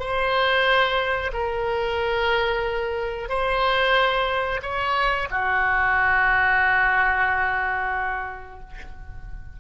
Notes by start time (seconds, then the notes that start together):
0.00 C5
1.33 A#4
3.29 C5
4.62 C#5
5.31 F#4